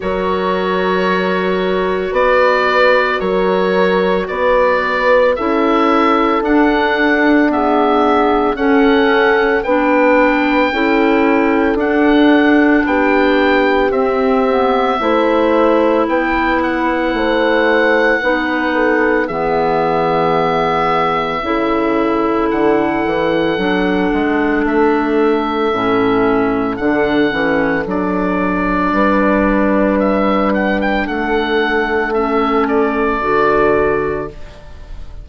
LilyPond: <<
  \new Staff \with { instrumentName = "oboe" } { \time 4/4 \tempo 4 = 56 cis''2 d''4 cis''4 | d''4 e''4 fis''4 e''4 | fis''4 g''2 fis''4 | g''4 e''2 g''8 fis''8~ |
fis''2 e''2~ | e''4 fis''2 e''4~ | e''4 fis''4 d''2 | e''8 fis''16 g''16 fis''4 e''8 d''4. | }
  \new Staff \with { instrumentName = "horn" } { \time 4/4 ais'2 b'4 ais'4 | b'4 a'2 gis'4 | a'4 b'4 a'2 | g'2 c''4 b'4 |
c''4 b'8 a'8 gis'2 | a'1~ | a'2. b'4~ | b'4 a'2. | }
  \new Staff \with { instrumentName = "clarinet" } { \time 4/4 fis'1~ | fis'4 e'4 d'4 b4 | cis'4 d'4 e'4 d'4~ | d'4 c'8 b8 e'2~ |
e'4 dis'4 b2 | e'2 d'2 | cis'4 d'8 cis'8 d'2~ | d'2 cis'4 fis'4 | }
  \new Staff \with { instrumentName = "bassoon" } { \time 4/4 fis2 b4 fis4 | b4 cis'4 d'2 | cis'4 b4 cis'4 d'4 | b4 c'4 a4 b4 |
a4 b4 e2 | cis4 d8 e8 fis8 gis8 a4 | a,4 d8 e8 fis4 g4~ | g4 a2 d4 | }
>>